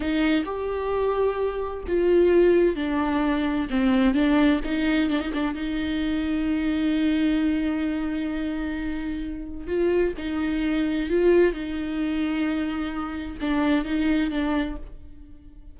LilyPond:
\new Staff \with { instrumentName = "viola" } { \time 4/4 \tempo 4 = 130 dis'4 g'2. | f'2 d'2 | c'4 d'4 dis'4 d'16 dis'16 d'8 | dis'1~ |
dis'1~ | dis'4 f'4 dis'2 | f'4 dis'2.~ | dis'4 d'4 dis'4 d'4 | }